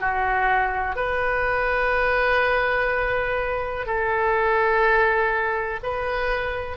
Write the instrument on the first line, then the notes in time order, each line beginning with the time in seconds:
oboe
0.00 F#4
0.96 B4
3.86 A4
5.83 B4